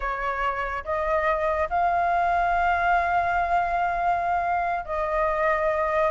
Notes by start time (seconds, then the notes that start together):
0.00 C#5
0.84 D#5
1.69 F5
4.85 D#5